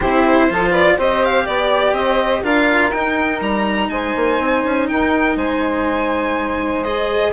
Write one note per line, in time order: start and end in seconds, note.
0.00 0.49 C4
0.00 0.49 E4
0.00 0.47 G4
0.00 0.72 C5
0.49 0.97 F3
0.49 0.97 F4
0.49 0.70 A4
0.70 0.94 B4
0.70 0.96 D5
0.97 1.46 C4
0.97 2.43 G4
0.97 1.45 C5
0.97 1.24 D#5
1.24 1.45 F5
1.45 1.92 B3
1.45 1.93 D5
1.45 1.95 D5
1.92 2.41 C4
1.92 2.42 C5
1.92 2.42 D#5
2.42 2.92 D4
2.42 2.92 F4
2.42 3.89 A#4
2.42 2.90 F5
2.90 3.40 D#4
2.90 6.83 D#4
2.90 3.39 G5
3.40 3.89 G3
3.40 3.89 A#5
3.89 4.13 G#3
3.89 4.89 C5
3.89 4.86 G#5
4.15 4.39 A#3
4.39 4.63 C4
4.64 4.89 C#4
4.88 5.35 D#4
4.88 5.37 A#4
4.88 5.36 G5
5.35 7.31 G#3
5.35 7.32 C5
5.35 6.83 G#5
6.83 7.32 G#4
6.83 7.32 D#5